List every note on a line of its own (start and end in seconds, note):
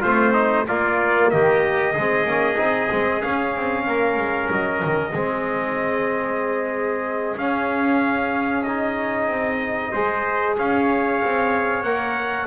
0.00 0.67 A3
0.00 0.66 C4
0.00 0.32 F4
0.00 0.66 C5
0.33 0.65 D#4
0.66 1.93 A#3
0.66 1.32 A#3
0.66 1.32 F4
0.66 1.30 D5
1.30 1.96 D#3
1.30 1.92 G4
1.30 3.21 D#5
1.92 2.25 G#3
1.92 2.26 C4
1.92 3.84 G#4
2.25 2.57 A#3
2.25 2.56 C#4
2.56 2.90 C4
2.56 2.88 D#4
2.91 3.24 G#3
2.91 3.21 C4
3.21 5.12 C#4
3.21 3.56 C#4
3.21 4.49 F5
3.56 3.87 C4
3.87 4.16 A#3
3.87 5.12 A#4
4.16 4.48 G#3
4.50 4.82 F#3
4.50 7.37 D#5
4.84 5.12 D#3
5.12 7.36 G#3
5.12 7.37 C4
5.12 9.90 G#4
7.36 9.27 C#4
7.36 8.65 C#4
7.36 8.63 F5
8.63 9.94 D#4
8.63 10.54 D#5
9.27 9.91 C4
9.91 10.58 G#3
9.91 11.84 G#4
9.91 10.55 C5
10.58 11.22 C#4
10.58 12.47 C#5
10.58 11.83 F5
11.23 11.83 C4
11.83 12.47 A#3
11.83 12.47 A#4
11.83 12.47 F#5